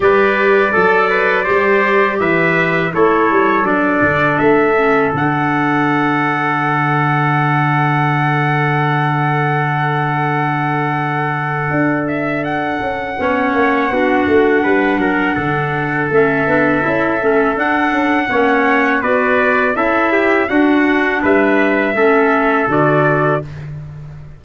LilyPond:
<<
  \new Staff \with { instrumentName = "trumpet" } { \time 4/4 \tempo 4 = 82 d''2. e''4 | cis''4 d''4 e''4 fis''4~ | fis''1~ | fis''1~ |
fis''8 e''8 fis''2.~ | fis''2 e''2 | fis''2 d''4 e''4 | fis''4 e''2 d''4 | }
  \new Staff \with { instrumentName = "trumpet" } { \time 4/4 b'4 a'8 b'8 c''4 b'4 | a'1~ | a'1~ | a'1~ |
a'2 cis''4 fis'4 | b'8 ais'8 a'2.~ | a'4 cis''4 b'4 a'8 g'8 | fis'4 b'4 a'2 | }
  \new Staff \with { instrumentName = "clarinet" } { \time 4/4 g'4 a'4 g'2 | e'4 d'4. cis'8 d'4~ | d'1~ | d'1~ |
d'2 cis'4 d'4~ | d'2 cis'8 d'8 e'8 cis'8 | d'4 cis'4 fis'4 e'4 | d'2 cis'4 fis'4 | }
  \new Staff \with { instrumentName = "tuba" } { \time 4/4 g4 fis4 g4 e4 | a8 g8 fis8 d8 a4 d4~ | d1~ | d1 |
d'4. cis'8 b8 ais8 b8 a8 | g8 fis8 d4 a8 b8 cis'8 a8 | d'8 cis'8 ais4 b4 cis'4 | d'4 g4 a4 d4 | }
>>